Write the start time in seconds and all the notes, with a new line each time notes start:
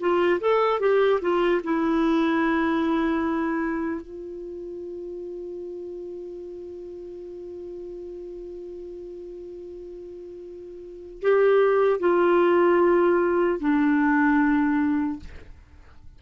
0.00 F4
0.40 A4
0.80 G4
1.21 F4
1.64 E4
4.01 F4
11.21 G4
12.00 F4
13.60 D4